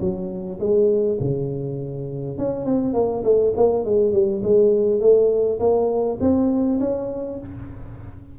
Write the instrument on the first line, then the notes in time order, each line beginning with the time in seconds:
tuba
0.00 F#3
0.59 G#3
1.20 C#3
2.37 C#4
2.65 C4
2.93 A#3
3.24 A3
3.56 A#3
3.84 G#3
4.12 G3
4.43 G#3
5.00 A3
5.59 A#3
6.20 C4
6.80 C#4